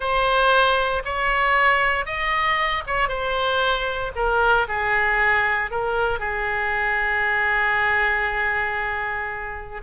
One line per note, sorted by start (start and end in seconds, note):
0.00 1.03 C5
1.04 2.05 C#5
2.05 2.83 D#5
2.87 3.08 C#5
3.08 4.12 C5
4.15 4.67 A#4
4.67 5.70 G#4
5.70 6.19 A#4
6.19 9.81 G#4